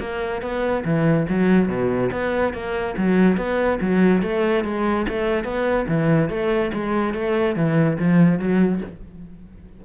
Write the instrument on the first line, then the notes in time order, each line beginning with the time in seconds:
cello
0.00 A#3
0.42 B3
0.85 E3
1.29 F#3
1.68 B2
2.12 B3
2.53 A#3
2.98 F#3
3.37 B3
3.81 F#3
4.22 A3
4.64 G#3
5.09 A3
5.45 B3
5.88 E3
6.30 A3
6.74 G#3
7.14 A3
7.56 E3
7.99 F3
8.39 F#3